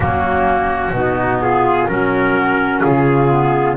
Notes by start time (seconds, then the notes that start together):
0.00 F#3 A#3 C#4 F#4
0.91 B2 B3 D#4
1.41 F4 G#4
1.87 F#3 C#4 F#4 A#4
2.82 C#3 F4 G#4
3.29 B3